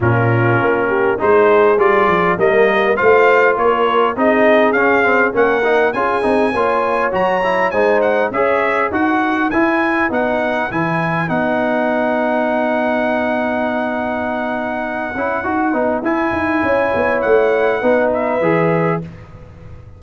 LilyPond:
<<
  \new Staff \with { instrumentName = "trumpet" } { \time 4/4 \tempo 4 = 101 ais'2 c''4 d''4 | dis''4 f''4 cis''4 dis''4 | f''4 fis''4 gis''2 | ais''4 gis''8 fis''8 e''4 fis''4 |
gis''4 fis''4 gis''4 fis''4~ | fis''1~ | fis''2. gis''4~ | gis''4 fis''4. e''4. | }
  \new Staff \with { instrumentName = "horn" } { \time 4/4 f'4. g'8 gis'2 | ais'4 c''4 ais'4 gis'4~ | gis'4 ais'4 gis'4 cis''4~ | cis''4 c''4 cis''4 b'4~ |
b'1~ | b'1~ | b'1 | cis''2 b'2 | }
  \new Staff \with { instrumentName = "trombone" } { \time 4/4 cis'2 dis'4 f'4 | ais4 f'2 dis'4 | cis'8 c'8 cis'8 dis'8 f'8 dis'8 f'4 | fis'8 e'8 dis'4 gis'4 fis'4 |
e'4 dis'4 e'4 dis'4~ | dis'1~ | dis'4. e'8 fis'8 dis'8 e'4~ | e'2 dis'4 gis'4 | }
  \new Staff \with { instrumentName = "tuba" } { \time 4/4 ais,4 ais4 gis4 g8 f8 | g4 a4 ais4 c'4 | cis'4 ais4 cis'8 c'8 ais4 | fis4 gis4 cis'4 dis'4 |
e'4 b4 e4 b4~ | b1~ | b4. cis'8 dis'8 b8 e'8 dis'8 | cis'8 b8 a4 b4 e4 | }
>>